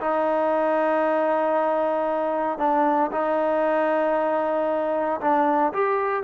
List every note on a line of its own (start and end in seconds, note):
0.00 2.58 D#4
2.58 3.10 D4
3.12 5.20 D#4
5.21 5.73 D4
5.73 6.23 G4